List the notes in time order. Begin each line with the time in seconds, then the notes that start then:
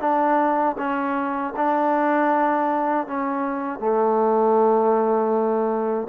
0.00 D4
0.78 C#4
1.56 D4
3.07 C#4
3.80 A3